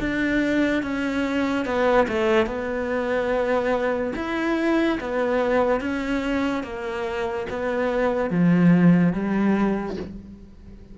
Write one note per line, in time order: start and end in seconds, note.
0.00 0.83 D4
0.83 1.65 C#4
1.65 2.07 B3
2.08 2.46 A3
2.46 4.13 B3
4.16 4.99 E4
5.00 5.81 B3
5.81 6.63 C#4
6.63 7.47 A#3
7.50 8.30 B3
8.30 9.13 F3
9.13 9.97 G3